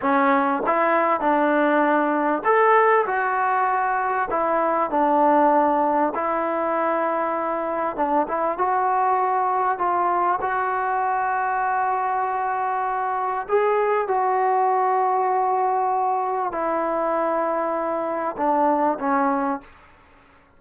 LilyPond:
\new Staff \with { instrumentName = "trombone" } { \time 4/4 \tempo 4 = 98 cis'4 e'4 d'2 | a'4 fis'2 e'4 | d'2 e'2~ | e'4 d'8 e'8 fis'2 |
f'4 fis'2.~ | fis'2 gis'4 fis'4~ | fis'2. e'4~ | e'2 d'4 cis'4 | }